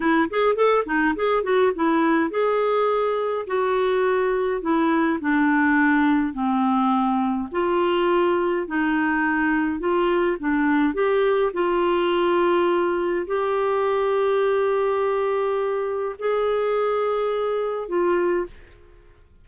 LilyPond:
\new Staff \with { instrumentName = "clarinet" } { \time 4/4 \tempo 4 = 104 e'8 gis'8 a'8 dis'8 gis'8 fis'8 e'4 | gis'2 fis'2 | e'4 d'2 c'4~ | c'4 f'2 dis'4~ |
dis'4 f'4 d'4 g'4 | f'2. g'4~ | g'1 | gis'2. f'4 | }